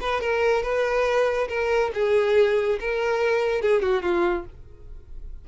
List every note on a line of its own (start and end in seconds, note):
0.00 0.21 B4
0.21 0.62 A#4
0.62 1.48 B4
1.48 1.91 A#4
1.94 2.79 G#4
2.80 3.62 A#4
3.62 3.82 G#4
3.82 4.02 F#4
4.02 4.45 F4